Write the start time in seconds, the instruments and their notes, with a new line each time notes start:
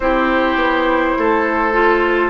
0.00 bassoon C4, clarinet E4, oboe G4, flute C5
0.55 bassoon B3
1.18 bassoon A3, oboe A4
1.73 clarinet F4